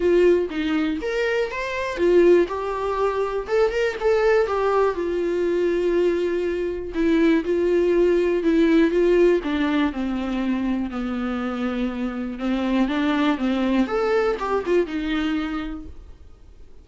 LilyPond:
\new Staff \with { instrumentName = "viola" } { \time 4/4 \tempo 4 = 121 f'4 dis'4 ais'4 c''4 | f'4 g'2 a'8 ais'8 | a'4 g'4 f'2~ | f'2 e'4 f'4~ |
f'4 e'4 f'4 d'4 | c'2 b2~ | b4 c'4 d'4 c'4 | a'4 g'8 f'8 dis'2 | }